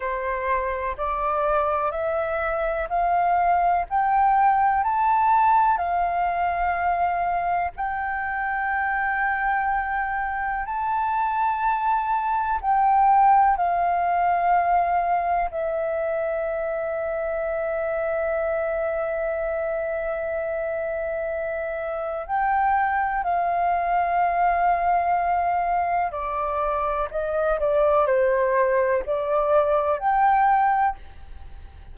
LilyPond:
\new Staff \with { instrumentName = "flute" } { \time 4/4 \tempo 4 = 62 c''4 d''4 e''4 f''4 | g''4 a''4 f''2 | g''2. a''4~ | a''4 g''4 f''2 |
e''1~ | e''2. g''4 | f''2. d''4 | dis''8 d''8 c''4 d''4 g''4 | }